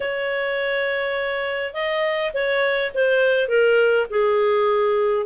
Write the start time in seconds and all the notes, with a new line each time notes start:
0.00 C#5
1.73 D#5
2.33 C#5
2.94 C5
3.48 A#4
4.10 G#4